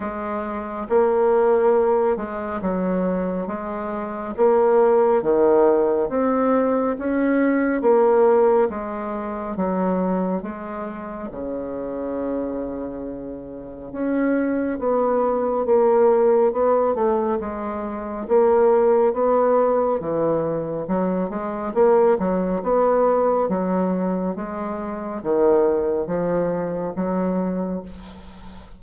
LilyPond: \new Staff \with { instrumentName = "bassoon" } { \time 4/4 \tempo 4 = 69 gis4 ais4. gis8 fis4 | gis4 ais4 dis4 c'4 | cis'4 ais4 gis4 fis4 | gis4 cis2. |
cis'4 b4 ais4 b8 a8 | gis4 ais4 b4 e4 | fis8 gis8 ais8 fis8 b4 fis4 | gis4 dis4 f4 fis4 | }